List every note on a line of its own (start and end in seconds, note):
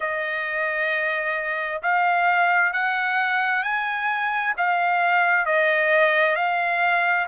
0.00 1.81 D#5
1.82 2.72 F5
2.72 3.63 F#5
3.63 4.54 G#5
4.57 5.45 F5
5.45 6.35 D#5
6.35 7.26 F5